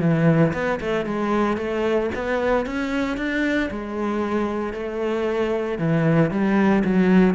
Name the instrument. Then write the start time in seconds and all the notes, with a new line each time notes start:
cello
0.00 E3
0.53 B3
0.80 A3
1.06 G#3
1.57 A3
2.15 B3
2.66 C#4
3.17 D4
3.70 G#3
4.73 A3
5.78 E3
6.31 G3
6.85 F#3